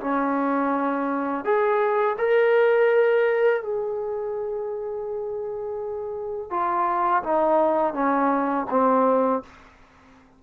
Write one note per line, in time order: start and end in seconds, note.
0.00 1.44 C#4
1.44 2.17 G#4
2.18 3.62 A#4
3.62 6.50 G#4
6.50 7.22 F4
7.23 7.94 D#4
7.94 8.66 C#4
8.70 9.42 C4